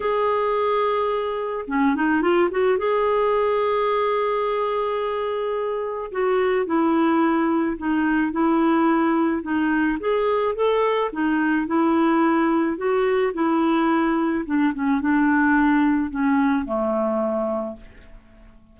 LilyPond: \new Staff \with { instrumentName = "clarinet" } { \time 4/4 \tempo 4 = 108 gis'2. cis'8 dis'8 | f'8 fis'8 gis'2.~ | gis'2. fis'4 | e'2 dis'4 e'4~ |
e'4 dis'4 gis'4 a'4 | dis'4 e'2 fis'4 | e'2 d'8 cis'8 d'4~ | d'4 cis'4 a2 | }